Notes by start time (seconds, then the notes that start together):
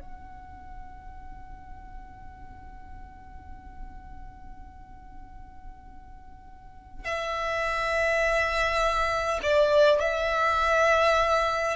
0.00 F#5
7.04 E5
9.42 D5
9.99 E5